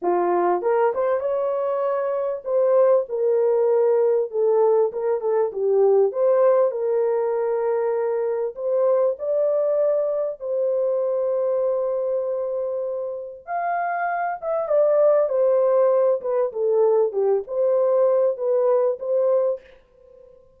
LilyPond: \new Staff \with { instrumentName = "horn" } { \time 4/4 \tempo 4 = 98 f'4 ais'8 c''8 cis''2 | c''4 ais'2 a'4 | ais'8 a'8 g'4 c''4 ais'4~ | ais'2 c''4 d''4~ |
d''4 c''2.~ | c''2 f''4. e''8 | d''4 c''4. b'8 a'4 | g'8 c''4. b'4 c''4 | }